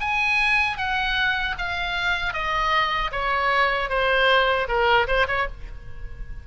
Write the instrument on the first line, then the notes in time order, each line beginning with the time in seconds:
oboe
0.00 G#5
0.77 F#5
1.58 F5
2.33 D#5
3.12 C#5
3.89 C5
4.68 A#4
5.07 C5
5.27 C#5